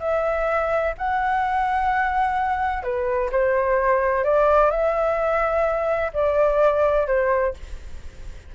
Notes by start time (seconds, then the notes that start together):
0.00 E5
0.98 F#5
2.83 B4
3.32 C5
4.24 D5
4.71 E5
6.13 D5
7.07 C5